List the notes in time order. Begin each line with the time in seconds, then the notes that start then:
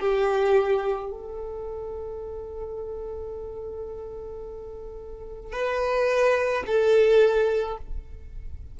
0.00 G4
1.11 A4
5.53 B4
6.67 A4